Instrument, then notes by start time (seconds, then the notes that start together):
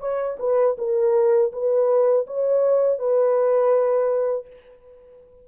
horn
0.00 C#5
0.39 B4
0.78 A#4
1.53 B4
2.27 C#5
2.99 B4